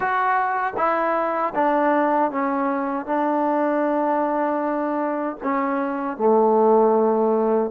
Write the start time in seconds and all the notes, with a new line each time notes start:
0.00 F#4
0.77 E4
1.55 D4
2.31 C#4
3.06 D4
5.43 C#4
6.17 A3